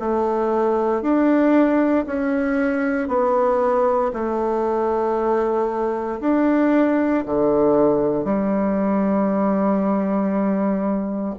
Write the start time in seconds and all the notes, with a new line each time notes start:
0.00 A3
1.02 D4
2.06 C#4
3.08 B3
4.13 A3
6.21 D4
7.26 D3
8.24 G3